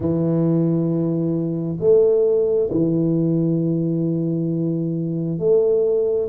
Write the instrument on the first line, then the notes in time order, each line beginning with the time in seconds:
tuba
0.00 E3
1.80 A3
2.71 E3
5.39 A3